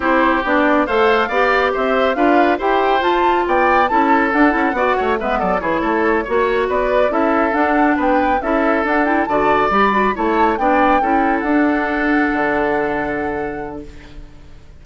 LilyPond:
<<
  \new Staff \with { instrumentName = "flute" } { \time 4/4 \tempo 4 = 139 c''4 d''4 f''2 | e''4 f''4 g''4 a''4 | g''4 a''4 fis''2 | e''8 d''8 cis''2~ cis''8 d''8~ |
d''8 e''4 fis''4 g''4 e''8~ | e''8 fis''8 g''8 a''4 b''4 a''8~ | a''8 g''2 fis''4.~ | fis''1 | }
  \new Staff \with { instrumentName = "oboe" } { \time 4/4 g'2 c''4 d''4 | c''4 b'4 c''2 | d''4 a'2 d''8 cis''8 | b'8 a'8 gis'8 a'4 cis''4 b'8~ |
b'8 a'2 b'4 a'8~ | a'4. d''2 cis''8~ | cis''8 d''4 a'2~ a'8~ | a'1 | }
  \new Staff \with { instrumentName = "clarinet" } { \time 4/4 e'4 d'4 a'4 g'4~ | g'4 f'4 g'4 f'4~ | f'4 e'4 d'8 e'8 fis'4 | b4 e'4. fis'4.~ |
fis'8 e'4 d'2 e'8~ | e'8 d'8 e'8 fis'4 g'8 fis'8 e'8~ | e'8 d'4 e'4 d'4.~ | d'1 | }
  \new Staff \with { instrumentName = "bassoon" } { \time 4/4 c'4 b4 a4 b4 | c'4 d'4 e'4 f'4 | b4 cis'4 d'8 cis'8 b8 a8 | gis8 fis8 e8 a4 ais4 b8~ |
b8 cis'4 d'4 b4 cis'8~ | cis'8 d'4 d4 g4 a8~ | a8 b4 cis'4 d'4.~ | d'8 d2.~ d8 | }
>>